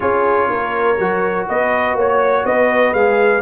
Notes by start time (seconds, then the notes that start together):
0.00 C#4 F4 G#4 C#5
0.50 A#3 A#4
0.98 F#3 F#4
1.48 B3 B4 D#5
1.94 A#3 C#5
2.45 B3 B4 D#5
2.93 G#3 G#4 F5